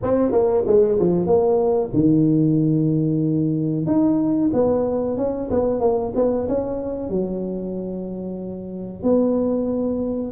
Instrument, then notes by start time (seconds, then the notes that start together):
tuba
0.03 C4
0.31 A#3
0.66 G#3
0.99 F3
1.26 A#3
1.93 D#3
3.86 D#4
4.53 B3
5.17 C#4
5.50 B3
5.80 A#3
6.15 B3
6.48 C#4
7.09 F#3
9.02 B3